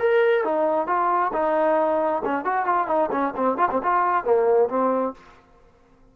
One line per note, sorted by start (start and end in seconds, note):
0.00 0.45 A#4
0.45 0.88 D#4
0.88 1.32 F4
1.34 2.23 D#4
2.25 2.45 C#4
2.45 2.66 F#4
2.66 2.88 F4
2.88 3.10 D#4
3.12 3.34 C#4
3.37 3.58 C4
3.58 3.69 F4
3.71 3.82 C4
3.83 4.25 F4
4.25 4.69 A#3
4.70 5.14 C4